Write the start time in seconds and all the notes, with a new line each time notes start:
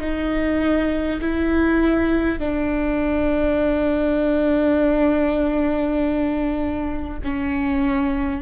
0.00 D#4
1.21 E4
2.39 D4
7.24 C#4